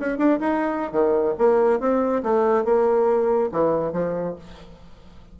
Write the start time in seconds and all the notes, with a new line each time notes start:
0.00 C#4
0.19 D4
0.41 D#4
0.92 D#3
1.39 A#3
1.80 C4
2.24 A3
2.65 A#3
3.52 E3
3.93 F3